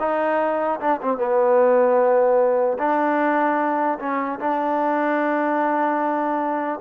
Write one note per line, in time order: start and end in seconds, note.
0.00 0.80 D#4
0.81 1.01 D4
1.02 1.18 C4
1.18 2.78 B3
2.79 3.99 D4
4.00 4.40 C#4
4.40 6.80 D4